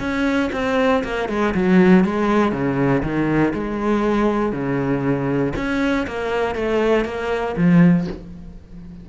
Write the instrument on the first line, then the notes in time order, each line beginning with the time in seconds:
cello
0.00 C#4
0.53 C4
1.04 A#3
1.29 G#3
1.54 F#3
2.05 G#3
2.52 C#3
3.03 D#3
3.54 G#3
4.53 C#3
5.56 C#4
6.07 A#3
6.55 A3
7.05 A#3
7.57 F3